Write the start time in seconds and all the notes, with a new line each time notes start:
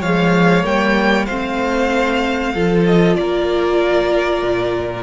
0.00 F3 G#3 C#5 F5
0.64 G3 A#3 G5
1.25 A3 C4 C5 F5
2.54 F3 F4 A4
2.86 D#5
3.15 A#3 A#4 D5
4.42 A#2